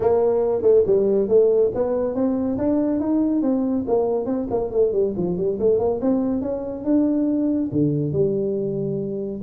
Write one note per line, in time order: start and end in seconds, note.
0.00 0.61 A#3
0.61 0.83 A3
0.86 1.28 G3
1.28 1.71 A3
1.74 2.14 B3
2.14 2.57 C4
2.58 3.00 D4
3.00 3.42 D#4
3.42 3.85 C4
3.87 4.25 A#3
4.25 4.47 C4
4.50 4.70 A#3
4.70 4.92 A3
4.92 5.14 G3
5.16 5.37 F3
5.37 5.58 G3
5.59 5.78 A3
5.78 6.00 A#3
6.01 6.41 C4
6.41 6.84 C#4
6.84 7.70 D4
7.71 8.12 D3
8.12 9.41 G3